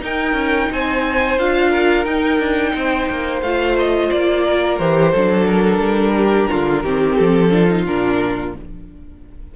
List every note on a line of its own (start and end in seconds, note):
0.00 1.36 D#4
0.00 0.33 D#4
0.00 0.71 A#4
0.00 0.72 G5
0.33 0.67 C#4
0.72 1.38 C4
0.72 1.70 C5
0.72 1.39 G#5
1.38 2.05 D4
1.38 2.06 F4
1.38 2.05 F5
1.70 2.72 A#4
2.05 2.39 D#4
2.05 3.42 D#4
2.05 3.41 G5
2.39 2.73 D4
2.75 3.09 C4
2.75 4.44 C5
3.10 3.42 A#3
3.42 4.10 A3
3.42 4.80 F4
3.42 3.76 F5
3.78 4.11 D#5
4.11 4.79 A#3
4.11 4.78 D5
4.44 5.12 A#4
4.78 5.13 E3
4.78 5.14 G4
4.78 5.46 C5
5.12 5.78 F#3
5.12 6.85 D4
5.12 6.14 A4
5.46 7.14 A#4
5.78 6.46 G3
6.17 6.51 G4
6.51 6.84 D3
6.51 6.83 F4
6.83 7.18 D#3
6.83 7.51 C4
6.83 7.51 G4
7.14 7.87 F3
7.14 7.83 A4
7.51 7.68 D4
7.51 8.56 F4
7.70 7.86 D#4
7.86 8.55 A#2
7.86 8.54 D4
7.86 8.55 A#4